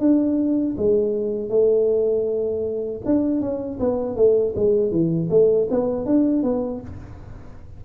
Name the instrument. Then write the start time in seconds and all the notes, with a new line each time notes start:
tuba
0.00 D4
0.78 G#3
1.50 A3
3.06 D4
3.41 C#4
3.80 B3
4.17 A3
4.56 G#3
4.91 E3
5.31 A3
5.71 B3
6.06 D4
6.43 B3